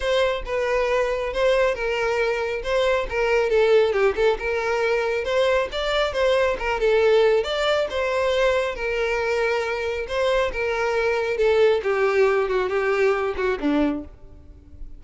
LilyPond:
\new Staff \with { instrumentName = "violin" } { \time 4/4 \tempo 4 = 137 c''4 b'2 c''4 | ais'2 c''4 ais'4 | a'4 g'8 a'8 ais'2 | c''4 d''4 c''4 ais'8 a'8~ |
a'4 d''4 c''2 | ais'2. c''4 | ais'2 a'4 g'4~ | g'8 fis'8 g'4. fis'8 d'4 | }